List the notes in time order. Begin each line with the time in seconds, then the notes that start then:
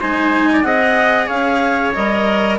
0.00 G#3 D#4 C5 G#5
0.53 D5
0.63 C4 G#4 D#5 F#5
1.27 C#4 C#5 F5
1.93 G3 A#4 D#5